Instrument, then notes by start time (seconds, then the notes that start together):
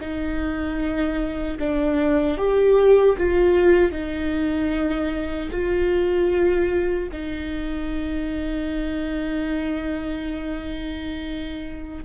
viola
0.00 D#4
1.59 D4
2.38 G4
3.18 F4
3.92 D#4
5.51 F4
7.12 D#4